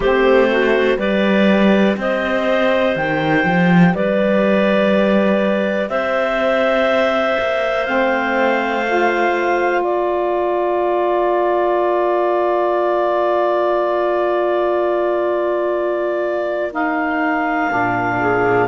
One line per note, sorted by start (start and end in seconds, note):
0.00 0.97 A3
0.00 0.98 C4
0.00 0.47 G4
0.00 0.99 C5
0.51 0.98 F#4
0.98 1.96 G3
0.98 7.85 G4
0.98 1.96 B4
0.98 1.97 D5
1.97 2.95 C4
1.97 3.94 C5
1.97 2.96 D#5
2.95 3.44 D#3
2.95 3.94 G5
3.44 3.93 F3
3.94 5.89 G3
3.94 5.91 B4
3.94 5.89 D5
5.89 7.36 C4
5.89 9.82 C5
5.89 7.85 E5
7.39 7.87 A#3
7.85 9.81 A3
7.85 8.83 C4
7.85 9.81 F5
8.87 16.71 F4
9.81 17.68 A#3
9.81 18.18 A#4
9.81 16.72 D5
16.71 17.69 D#4
16.71 18.67 F5
17.70 18.67 A#2
17.70 18.67 D4
18.19 18.67 G#4